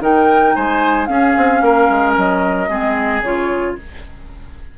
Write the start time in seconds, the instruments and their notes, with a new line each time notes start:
0.00 bassoon D#3, clarinet D#4, oboe A#4, flute G5
0.55 bassoon G#3, oboe C5, flute G#5
1.06 clarinet C#4, bassoon C#4, oboe G#4, flute F5
1.37 bassoon C4
1.61 bassoon A#3, oboe A#4
1.89 bassoon G#3
2.16 bassoon F#3, flute D#5
2.68 bassoon G#3, clarinet C4, oboe G#4
3.21 bassoon C#3, clarinet F4, flute C#5